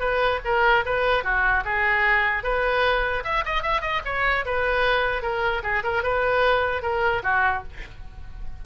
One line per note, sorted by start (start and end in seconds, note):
0.00 0.40 B4
0.45 0.85 A#4
0.85 1.24 B4
1.24 1.64 F#4
1.65 2.43 G#4
2.43 3.23 B4
3.24 3.44 E5
3.45 3.63 D#5
3.63 3.81 E5
3.81 4.01 D#5
4.05 4.45 C#5
4.46 5.22 B4
5.22 5.62 A#4
5.63 5.83 G#4
5.83 6.03 A#4
6.03 6.82 B4
6.82 7.22 A#4
7.23 7.63 F#4